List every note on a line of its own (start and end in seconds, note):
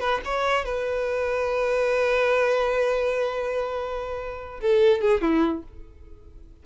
0.00 0.21 B4
0.25 0.65 C#5
0.65 4.61 B4
4.61 5.01 A4
5.01 5.21 G#4
5.21 5.63 E4